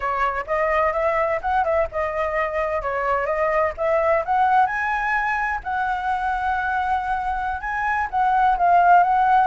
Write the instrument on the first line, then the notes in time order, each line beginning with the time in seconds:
flute
0.00 C#5
0.46 D#5
0.93 E5
1.41 F#5
1.64 E5
1.91 D#5
2.81 C#5
3.26 D#5
3.77 E5
4.25 F#5
4.66 G#5
5.63 F#5
7.60 G#5
8.10 F#5
8.57 F5
9.03 F#5